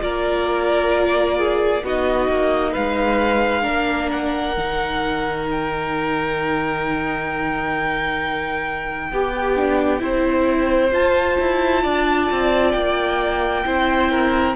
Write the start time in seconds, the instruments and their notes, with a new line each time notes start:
0.00 cello A#3, viola F4, violin A#4 D5
1.38 violin G#4
1.83 cello B3, viola D#4, violin F#4 D#5
2.30 cello A#3
2.72 cello G#3, violin B4 F5
3.63 cello A#3, viola D4, violin A#4
4.11 violin F#5
4.57 cello D#3, viola D#4
5.51 violin G5
9.12 cello B3, violin G4, viola G4
9.57 viola D4
9.99 cello C4, viola E4, violin C5
10.93 cello F4, viola F4, violin A5
11.40 cello E4
11.83 cello D4, violin D5
12.31 cello C4
12.72 cello A#3, violin G5
13.65 cello C4, viola E4, violin C5
14.12 violin A#4